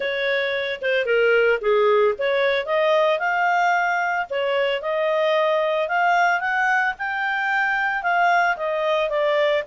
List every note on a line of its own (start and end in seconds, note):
0.00 0.80 C#5
0.81 1.05 C5
1.05 1.59 A#4
1.61 2.14 G#4
2.18 2.65 C#5
2.65 3.19 D#5
3.19 4.26 F5
4.30 4.81 C#5
4.81 5.88 D#5
5.88 6.40 F5
6.40 6.94 F#5
6.98 8.02 G5
8.02 8.56 F5
8.56 9.09 D#5
9.09 9.63 D5